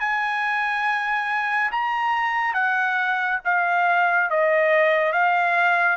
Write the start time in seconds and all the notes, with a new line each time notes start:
0.00 G#5
1.71 A#5
2.54 F#5
3.45 F5
4.31 D#5
5.13 F5